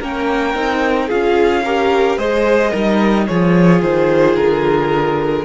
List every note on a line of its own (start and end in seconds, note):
0.00 0.55 A#3
0.00 0.55 C#4
0.00 1.07 A#4
0.00 1.10 G5
0.55 1.10 C4
0.55 1.10 D#4
1.07 2.18 C#4
1.07 1.64 F4
1.07 1.62 G#4
1.07 2.19 F5
1.65 2.19 G4
1.65 2.19 A#4
2.18 2.72 G#3
2.18 2.74 G#4
2.18 2.71 C5
2.18 3.27 D#5
2.71 3.29 G3
2.71 3.29 D#4
2.71 3.26 A#4
3.27 3.83 F3
3.27 5.45 F4
3.27 5.45 G#4
3.27 3.82 C#5
3.83 4.37 D#3
3.83 4.36 C5
4.36 5.45 D3
4.36 5.45 A#4